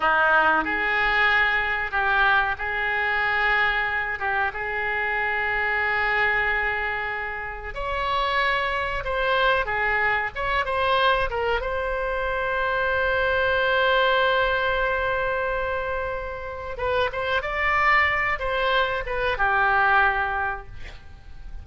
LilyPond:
\new Staff \with { instrumentName = "oboe" } { \time 4/4 \tempo 4 = 93 dis'4 gis'2 g'4 | gis'2~ gis'8 g'8 gis'4~ | gis'1 | cis''2 c''4 gis'4 |
cis''8 c''4 ais'8 c''2~ | c''1~ | c''2 b'8 c''8 d''4~ | d''8 c''4 b'8 g'2 | }